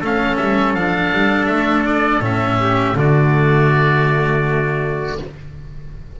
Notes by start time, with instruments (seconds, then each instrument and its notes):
0.00 double bass A3, cello C#4, trumpet A4, oboe F5
0.36 double bass G3, oboe E5
0.73 double bass F3, cello D4, oboe F5
1.12 double bass G3
1.45 double bass A3, oboe E5
1.86 oboe D5
2.20 double bass A2, cello C#4, oboe E5
2.60 trumpet G4
2.93 double bass D3, cello A3, trumpet F#4, oboe D5